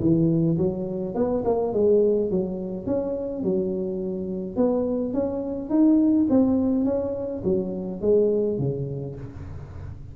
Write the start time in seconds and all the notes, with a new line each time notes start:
0.00 E3
0.57 F#3
1.15 B3
1.44 A#3
1.73 G#3
2.30 F#3
2.86 C#4
3.43 F#3
4.56 B3
5.13 C#4
5.69 D#4
6.29 C4
6.85 C#4
7.44 F#3
8.01 G#3
8.58 C#3